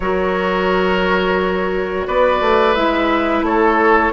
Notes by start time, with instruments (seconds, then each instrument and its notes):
0.00 bassoon F#3, clarinet F#4, oboe A#4, flute C#5
2.06 bassoon B3, oboe B4, flute D5
2.40 bassoon A3
2.74 bassoon G#3, clarinet E4, flute E5
3.42 bassoon A3, oboe A4, flute C#5